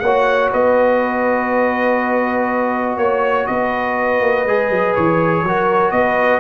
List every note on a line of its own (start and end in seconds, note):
0.00 0.51 A#3
0.00 4.48 F#4
0.00 0.52 C#5
0.00 0.49 F#5
0.52 2.97 B3
0.52 2.98 B4
0.52 2.98 D#5
2.97 3.46 A#3
2.97 3.47 C#5
2.97 3.48 C#5
3.47 4.21 B3
3.47 5.46 B4
3.47 4.94 D#5
4.21 4.45 A#3
4.45 4.70 G#3
4.45 5.46 G#4
4.70 4.95 F#3
4.95 5.43 E3
4.95 5.91 C#5
5.43 5.92 F#3
5.43 6.40 F#4
5.43 5.94 A#4
5.91 6.40 B3
5.91 6.40 B4
5.91 6.40 D#5